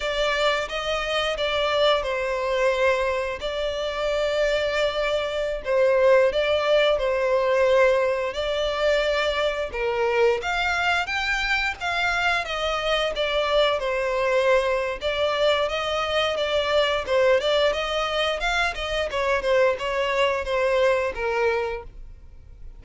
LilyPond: \new Staff \with { instrumentName = "violin" } { \time 4/4 \tempo 4 = 88 d''4 dis''4 d''4 c''4~ | c''4 d''2.~ | d''16 c''4 d''4 c''4.~ c''16~ | c''16 d''2 ais'4 f''8.~ |
f''16 g''4 f''4 dis''4 d''8.~ | d''16 c''4.~ c''16 d''4 dis''4 | d''4 c''8 d''8 dis''4 f''8 dis''8 | cis''8 c''8 cis''4 c''4 ais'4 | }